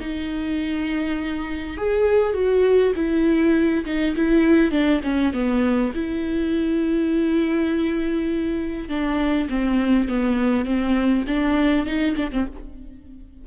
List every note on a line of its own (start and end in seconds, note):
0.00 1.77 D#4
1.77 2.34 G#4
2.34 2.93 F#4
2.96 3.85 E4
3.85 4.15 D#4
4.16 4.71 E4
4.71 5.01 D4
5.03 5.33 C#4
5.33 5.92 B3
5.94 8.89 E4
8.89 9.48 D4
9.49 10.08 C4
10.08 10.65 B3
10.65 11.25 C4
11.27 11.86 D4
11.86 12.16 D#4
12.16 12.31 D4
12.31 12.46 C4